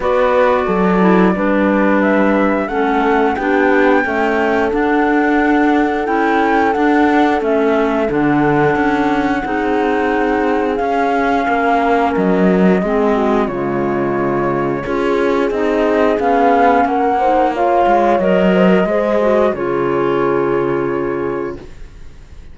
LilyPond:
<<
  \new Staff \with { instrumentName = "flute" } { \time 4/4 \tempo 4 = 89 d''2. e''4 | fis''4 g''2 fis''4~ | fis''4 g''4 fis''4 e''4 | fis''1 |
f''2 dis''2 | cis''2. dis''4 | f''4 fis''4 f''4 dis''4~ | dis''4 cis''2. | }
  \new Staff \with { instrumentName = "horn" } { \time 4/4 b'4 a'4 b'2 | a'4 g'4 a'2~ | a'1~ | a'2 gis'2~ |
gis'4 ais'2 gis'8 fis'8 | f'2 gis'2~ | gis'4 ais'8 c''8 cis''4. c''16 ais'16 | c''4 gis'2. | }
  \new Staff \with { instrumentName = "clarinet" } { \time 4/4 fis'4. e'8 d'2 | cis'4 d'4 a4 d'4~ | d'4 e'4 d'4 cis'4 | d'2 dis'2 |
cis'2. c'4 | gis2 f'4 dis'4 | cis'4. dis'8 f'4 ais'4 | gis'8 fis'8 f'2. | }
  \new Staff \with { instrumentName = "cello" } { \time 4/4 b4 fis4 g2 | a4 b4 cis'4 d'4~ | d'4 cis'4 d'4 a4 | d4 cis'4 c'2 |
cis'4 ais4 fis4 gis4 | cis2 cis'4 c'4 | b4 ais4. gis8 fis4 | gis4 cis2. | }
>>